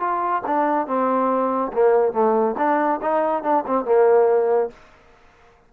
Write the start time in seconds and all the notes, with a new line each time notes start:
0.00 F4
0.47 D4
0.87 C4
1.73 A#3
2.13 A3
2.58 D4
3.02 D#4
3.43 D4
3.67 C4
3.85 A#3